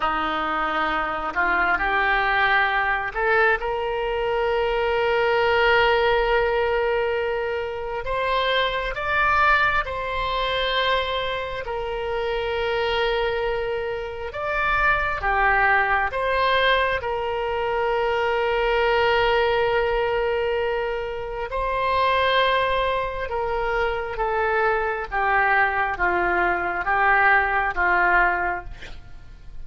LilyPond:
\new Staff \with { instrumentName = "oboe" } { \time 4/4 \tempo 4 = 67 dis'4. f'8 g'4. a'8 | ais'1~ | ais'4 c''4 d''4 c''4~ | c''4 ais'2. |
d''4 g'4 c''4 ais'4~ | ais'1 | c''2 ais'4 a'4 | g'4 f'4 g'4 f'4 | }